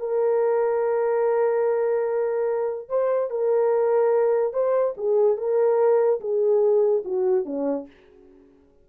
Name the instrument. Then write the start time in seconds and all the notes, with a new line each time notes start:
horn
0.00 A#4
2.89 C5
3.31 A#4
4.54 C5
4.98 G#4
5.38 A#4
6.21 G#4
7.05 F#4
7.46 C#4